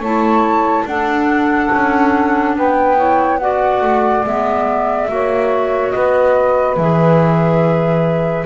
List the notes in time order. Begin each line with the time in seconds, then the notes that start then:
0.00 A3 E4 C#5 A5
0.85 D4 A4 F#5
1.73 C#4
2.56 B3 B4 G5
2.97 E4 C#5
3.40 F#4 D5 F#5
3.82 A3
4.25 G#3 B3 E5
5.08 A#3 F#4 C#5
5.90 B3 B4 D#5
6.77 E3 G#4 E5